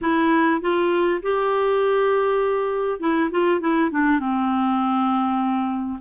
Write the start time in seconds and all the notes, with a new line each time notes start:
0.01 E4
0.61 F4
1.22 G4
3.00 E4
3.31 F4
3.60 E4
3.90 D4
4.19 C4